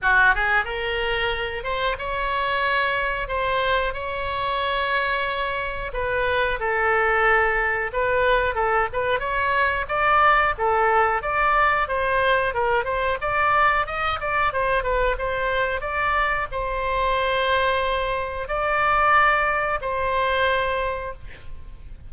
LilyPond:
\new Staff \with { instrumentName = "oboe" } { \time 4/4 \tempo 4 = 91 fis'8 gis'8 ais'4. c''8 cis''4~ | cis''4 c''4 cis''2~ | cis''4 b'4 a'2 | b'4 a'8 b'8 cis''4 d''4 |
a'4 d''4 c''4 ais'8 c''8 | d''4 dis''8 d''8 c''8 b'8 c''4 | d''4 c''2. | d''2 c''2 | }